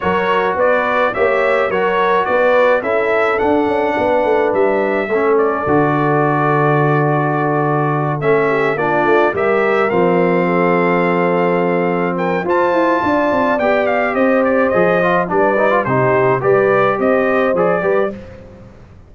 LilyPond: <<
  \new Staff \with { instrumentName = "trumpet" } { \time 4/4 \tempo 4 = 106 cis''4 d''4 e''4 cis''4 | d''4 e''4 fis''2 | e''4. d''2~ d''8~ | d''2~ d''8 e''4 d''8~ |
d''8 e''4 f''2~ f''8~ | f''4. g''8 a''2 | g''8 f''8 dis''8 d''8 dis''4 d''4 | c''4 d''4 dis''4 d''4 | }
  \new Staff \with { instrumentName = "horn" } { \time 4/4 ais'4 b'4 cis''4 ais'4 | b'4 a'2 b'4~ | b'4 a'2.~ | a'2. g'8 f'8~ |
f'8 ais'2 a'4.~ | a'4. ais'8 c''4 d''4~ | d''4 c''2 b'4 | g'4 b'4 c''4. b'8 | }
  \new Staff \with { instrumentName = "trombone" } { \time 4/4 fis'2 g'4 fis'4~ | fis'4 e'4 d'2~ | d'4 cis'4 fis'2~ | fis'2~ fis'8 cis'4 d'8~ |
d'8 g'4 c'2~ c'8~ | c'2 f'2 | g'2 gis'8 f'8 d'8 dis'16 f'16 | dis'4 g'2 gis'8 g'8 | }
  \new Staff \with { instrumentName = "tuba" } { \time 4/4 fis4 b4 ais4 fis4 | b4 cis'4 d'8 cis'8 b8 a8 | g4 a4 d2~ | d2~ d8 a4 ais8 |
a8 g4 f2~ f8~ | f2 f'8 e'8 d'8 c'8 | b4 c'4 f4 g4 | c4 g4 c'4 f8 g8 | }
>>